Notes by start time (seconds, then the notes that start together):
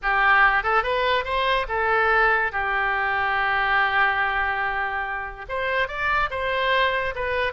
0.02 G4
0.63 A4
0.83 B4
1.24 C5
1.68 A4
2.52 G4
5.49 C5
5.87 D5
6.30 C5
7.15 B4